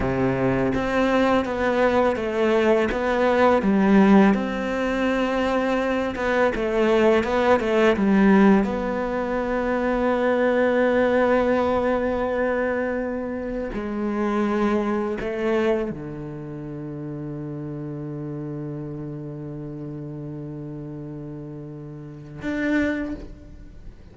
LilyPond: \new Staff \with { instrumentName = "cello" } { \time 4/4 \tempo 4 = 83 c4 c'4 b4 a4 | b4 g4 c'2~ | c'8 b8 a4 b8 a8 g4 | b1~ |
b2. gis4~ | gis4 a4 d2~ | d1~ | d2. d'4 | }